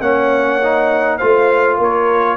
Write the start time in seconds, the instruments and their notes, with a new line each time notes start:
0.00 tuba A#3, trombone C#4, horn C#5, trumpet F#5
0.63 trombone D#4
1.18 tuba A3, trombone F4, horn C5, trumpet F5
1.77 tuba A#3, horn A#4, trumpet C#5